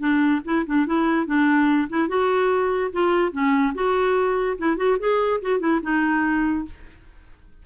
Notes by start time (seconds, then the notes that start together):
0.00 D4
0.45 E4
0.66 D4
0.87 E4
1.27 D4
1.89 E4
2.09 F#4
2.92 F4
3.32 C#4
3.74 F#4
4.58 E4
4.77 F#4
4.99 G#4
5.42 F#4
5.60 E4
5.83 D#4